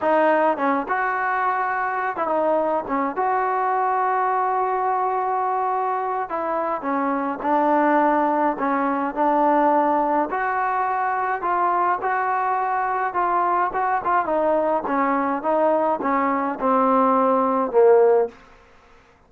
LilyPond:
\new Staff \with { instrumentName = "trombone" } { \time 4/4 \tempo 4 = 105 dis'4 cis'8 fis'2~ fis'16 e'16 | dis'4 cis'8 fis'2~ fis'8~ | fis'2. e'4 | cis'4 d'2 cis'4 |
d'2 fis'2 | f'4 fis'2 f'4 | fis'8 f'8 dis'4 cis'4 dis'4 | cis'4 c'2 ais4 | }